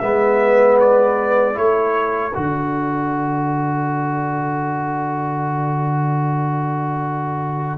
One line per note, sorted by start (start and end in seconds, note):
0.00 1.57 G#3
0.00 1.54 B3
0.00 1.55 B4
0.00 0.78 E5
0.80 1.58 D5
1.54 2.35 A3
1.54 2.32 E4
1.54 7.78 A4
1.54 2.36 C#5
2.34 7.78 D3
2.34 7.78 F#4
2.34 7.78 D5